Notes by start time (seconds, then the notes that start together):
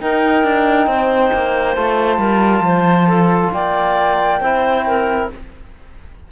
0.00 D#4 A#4 G5
0.44 D4
0.87 C4 C5
1.34 A#3
1.76 A3 F4 A5
2.18 G3 A#4
2.61 F3 C5
3.08 A4
3.54 A#3 D5 G5
4.41 C4 E4 C5
4.87 A#4